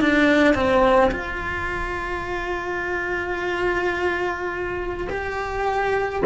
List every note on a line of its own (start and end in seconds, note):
0.00 0.54 D4
0.54 1.11 C4
1.11 5.07 F4
5.09 6.22 G4